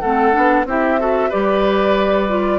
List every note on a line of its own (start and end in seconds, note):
0.00 0.35 A3
0.00 0.32 C4
0.00 0.66 A4
0.00 0.65 F#5
0.32 0.65 B3
0.32 0.65 D4
0.65 1.30 C4
0.65 0.99 E4
0.65 1.00 G4
0.65 1.31 E5
0.99 1.30 F#4
0.99 1.29 A4
1.29 2.59 G3
1.29 2.28 G4
1.29 2.59 B4
1.29 2.59 D5
2.28 2.59 F4